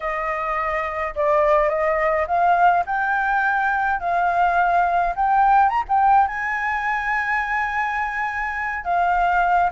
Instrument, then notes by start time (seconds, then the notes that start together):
flute
0.00 D#5
1.15 D5
1.69 D#5
2.27 F5
2.86 G5
3.99 F5
5.15 G5
5.69 A#5
5.88 G5
6.27 G#5
8.84 F5